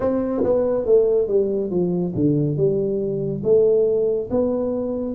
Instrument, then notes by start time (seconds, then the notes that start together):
tuba
0.00 C4
0.43 B3
0.85 A3
1.27 G3
1.70 F3
2.15 D3
2.56 G3
3.43 A3
4.30 B3